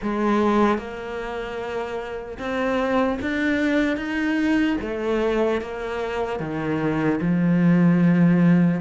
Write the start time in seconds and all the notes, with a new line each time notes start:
0.02 G#3
0.78 A#3
2.39 C4
3.21 D4
3.96 D#4
4.81 A3
5.61 A#3
6.39 D#3
7.20 F3